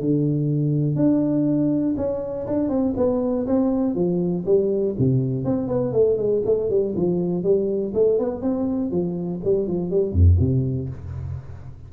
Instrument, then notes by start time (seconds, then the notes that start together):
tuba
0.00 D3
0.96 D4
1.97 C#4
2.47 D4
2.69 C4
2.96 B3
3.46 C4
3.95 F3
4.45 G3
4.98 C3
5.45 C4
5.68 B3
5.92 A3
6.17 G#3
6.45 A3
6.70 G3
6.95 F3
7.43 G3
7.94 A3
8.18 B3
8.42 C4
8.91 F3
9.44 G3
9.67 F3
9.91 G3
10.12 F2
10.39 C3